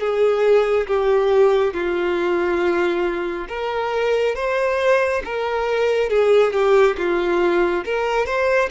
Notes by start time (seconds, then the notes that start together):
0.00 G#4
0.87 G4
1.74 F4
3.49 A#4
4.36 C5
5.25 A#4
6.10 G#4
6.53 G4
6.98 F4
7.85 A#4
8.26 C5